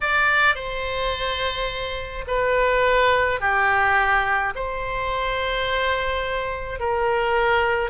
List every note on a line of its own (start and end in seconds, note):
0.01 0.55 D5
0.55 2.24 C5
2.27 3.40 B4
3.40 4.53 G4
4.55 6.79 C5
6.79 7.90 A#4